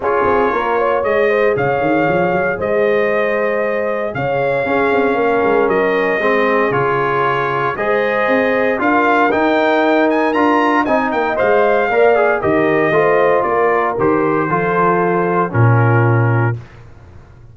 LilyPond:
<<
  \new Staff \with { instrumentName = "trumpet" } { \time 4/4 \tempo 4 = 116 cis''2 dis''4 f''4~ | f''4 dis''2. | f''2. dis''4~ | dis''4 cis''2 dis''4~ |
dis''4 f''4 g''4. gis''8 | ais''4 gis''8 g''8 f''2 | dis''2 d''4 c''4~ | c''2 ais'2 | }
  \new Staff \with { instrumentName = "horn" } { \time 4/4 gis'4 ais'8 cis''4 c''8 cis''4~ | cis''4 c''2. | cis''4 gis'4 ais'2 | gis'2. c''4~ |
c''4 ais'2.~ | ais'4 dis''2 d''4 | ais'4 c''4 ais'2 | a'2 f'2 | }
  \new Staff \with { instrumentName = "trombone" } { \time 4/4 f'2 gis'2~ | gis'1~ | gis'4 cis'2. | c'4 f'2 gis'4~ |
gis'4 f'4 dis'2 | f'4 dis'4 c''4 ais'8 gis'8 | g'4 f'2 g'4 | f'2 cis'2 | }
  \new Staff \with { instrumentName = "tuba" } { \time 4/4 cis'8 c'8 ais4 gis4 cis8 dis8 | f8 fis8 gis2. | cis4 cis'8 c'8 ais8 gis8 fis4 | gis4 cis2 gis4 |
c'4 d'4 dis'2 | d'4 c'8 ais8 gis4 ais4 | dis4 a4 ais4 dis4 | f2 ais,2 | }
>>